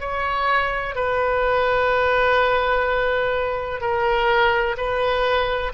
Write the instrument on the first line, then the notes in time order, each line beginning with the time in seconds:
oboe
0.00 C#5
0.95 B4
3.81 A#4
4.77 B4